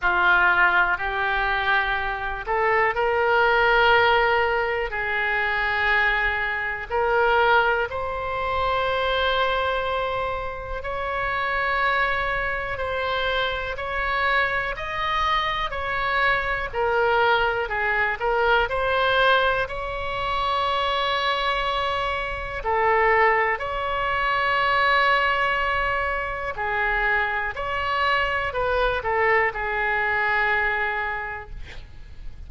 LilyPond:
\new Staff \with { instrumentName = "oboe" } { \time 4/4 \tempo 4 = 61 f'4 g'4. a'8 ais'4~ | ais'4 gis'2 ais'4 | c''2. cis''4~ | cis''4 c''4 cis''4 dis''4 |
cis''4 ais'4 gis'8 ais'8 c''4 | cis''2. a'4 | cis''2. gis'4 | cis''4 b'8 a'8 gis'2 | }